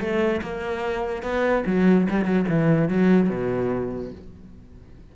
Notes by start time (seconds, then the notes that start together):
0.00 A3
0.42 A#3
1.23 B3
1.66 F#3
2.10 G3
2.25 F#3
2.49 E3
2.89 F#3
3.30 B2